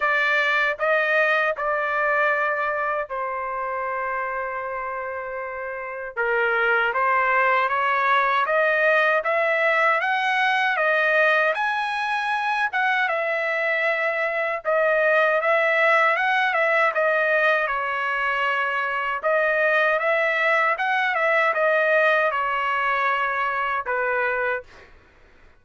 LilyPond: \new Staff \with { instrumentName = "trumpet" } { \time 4/4 \tempo 4 = 78 d''4 dis''4 d''2 | c''1 | ais'4 c''4 cis''4 dis''4 | e''4 fis''4 dis''4 gis''4~ |
gis''8 fis''8 e''2 dis''4 | e''4 fis''8 e''8 dis''4 cis''4~ | cis''4 dis''4 e''4 fis''8 e''8 | dis''4 cis''2 b'4 | }